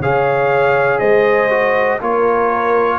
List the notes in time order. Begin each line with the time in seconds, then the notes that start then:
0.00 C#3 G#4 C#5 F5
0.99 G#3 C5 D#5
1.50 F#4
2.01 A#3 F4 A#4 C#5